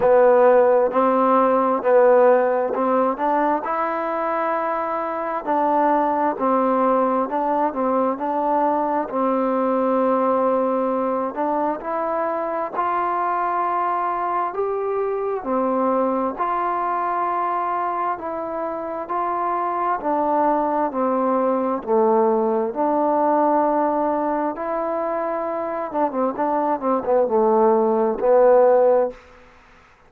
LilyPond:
\new Staff \with { instrumentName = "trombone" } { \time 4/4 \tempo 4 = 66 b4 c'4 b4 c'8 d'8 | e'2 d'4 c'4 | d'8 c'8 d'4 c'2~ | c'8 d'8 e'4 f'2 |
g'4 c'4 f'2 | e'4 f'4 d'4 c'4 | a4 d'2 e'4~ | e'8 d'16 c'16 d'8 c'16 b16 a4 b4 | }